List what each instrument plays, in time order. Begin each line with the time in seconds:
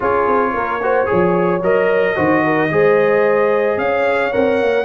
0.00 tuba C#4, trombone F4, horn G#4, trumpet C#5
0.27 tuba C4
0.53 tuba A#3, horn A#4
0.81 trombone F#4, horn C5
1.06 trombone G#4, horn C#5
1.12 tuba F3
1.61 tuba F#3, trombone A#4, trumpet D#5
2.15 tuba D#3, trombone F#4, horn C5
2.44 horn A#4
2.70 tuba G#3, trombone G#4, horn C5
3.77 tuba C#4, horn C#5, trumpet F5
4.32 tuba C4, trombone A#4, trumpet F#5
4.61 tuba A#3